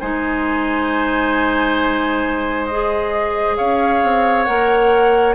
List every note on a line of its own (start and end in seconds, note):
0.00 3.60 G#3
0.00 2.71 D#4
0.00 3.57 C5
0.00 2.66 G#5
2.66 4.46 G#4
2.66 3.56 D#5
3.57 4.03 C#4
3.57 5.35 C#5
3.57 4.45 F5
4.03 4.48 C4
4.45 5.35 A#3
4.45 5.35 A#4
4.45 5.34 F#5